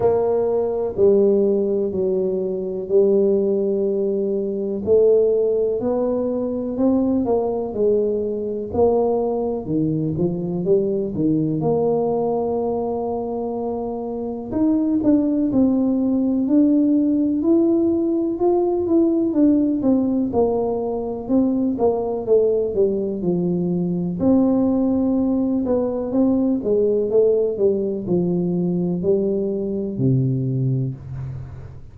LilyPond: \new Staff \with { instrumentName = "tuba" } { \time 4/4 \tempo 4 = 62 ais4 g4 fis4 g4~ | g4 a4 b4 c'8 ais8 | gis4 ais4 dis8 f8 g8 dis8 | ais2. dis'8 d'8 |
c'4 d'4 e'4 f'8 e'8 | d'8 c'8 ais4 c'8 ais8 a8 g8 | f4 c'4. b8 c'8 gis8 | a8 g8 f4 g4 c4 | }